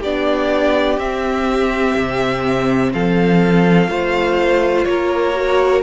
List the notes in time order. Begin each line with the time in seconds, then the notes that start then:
0.00 B3 D4 G4 D5
0.98 C4 E5
1.97 C3
2.93 F3 A4 F5
3.89 A3 F4 C5
4.85 A#3 A#4 C#5
5.35 F#4